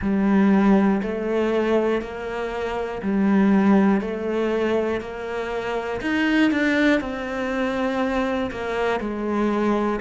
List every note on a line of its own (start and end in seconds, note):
0.01 1.01 G3
1.02 2.01 A3
2.01 3.01 A#3
3.02 4.00 G3
4.00 5.00 A3
5.00 6.00 A#3
6.01 6.51 D#4
6.51 7.00 D4
7.00 8.50 C4
8.51 9.00 A#3
9.00 10.00 G#3